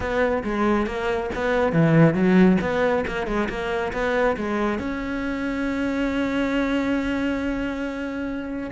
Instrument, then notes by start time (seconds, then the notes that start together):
cello
0.00 B3
0.43 G#3
0.86 A#3
1.35 B3
1.72 E3
2.14 F#3
2.61 B3
3.07 A#3
3.26 G#3
3.49 A#3
3.92 B3
4.37 G#3
4.78 C#4